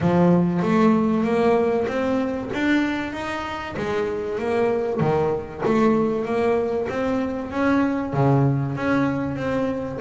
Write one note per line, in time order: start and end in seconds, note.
0.00 0.62 F3
0.62 1.23 A3
1.23 1.86 A#3
1.87 2.50 C4
2.53 3.12 D4
3.12 3.75 D#4
3.77 4.38 G#3
4.38 5.00 A#3
5.00 5.62 D#3
5.65 6.25 A3
6.25 6.87 A#3
6.89 7.50 C4
7.50 8.13 C#4
8.13 8.75 C#3
8.75 9.36 C#4
9.36 9.98 C4